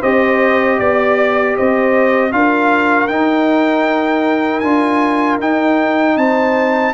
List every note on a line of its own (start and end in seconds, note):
0.00 0.79 C4
0.00 2.31 G4
0.00 0.77 C5
0.00 0.79 D#5
0.78 1.57 B3
0.78 1.55 D5
0.78 1.56 D5
1.56 2.33 C4
1.56 2.33 C5
1.56 2.32 D#5
2.31 3.09 D4
2.31 3.08 F4
2.31 6.16 A#4
2.31 3.07 F5
3.07 4.62 D#4
3.07 4.59 G5
4.59 5.39 D4
4.59 5.40 F4
4.59 5.36 G#5
5.39 6.16 D#4
5.39 6.94 D#4
5.39 6.17 G5
6.16 6.93 C4
6.16 6.93 C5
6.16 6.94 A5